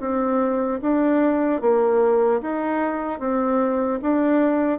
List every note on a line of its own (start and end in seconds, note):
0.00 0.80 C4
0.82 1.61 D4
1.61 2.41 A#3
2.41 3.20 D#4
3.20 4.00 C4
4.02 4.79 D4